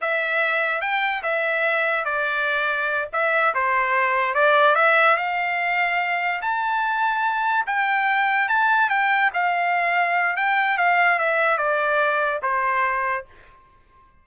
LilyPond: \new Staff \with { instrumentName = "trumpet" } { \time 4/4 \tempo 4 = 145 e''2 g''4 e''4~ | e''4 d''2~ d''8 e''8~ | e''8 c''2 d''4 e''8~ | e''8 f''2. a''8~ |
a''2~ a''8 g''4.~ | g''8 a''4 g''4 f''4.~ | f''4 g''4 f''4 e''4 | d''2 c''2 | }